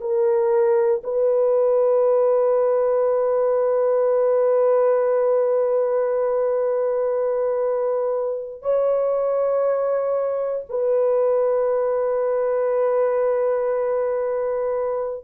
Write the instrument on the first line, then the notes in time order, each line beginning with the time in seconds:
horn
0.00 A#4
1.04 B4
8.62 C#5
10.69 B4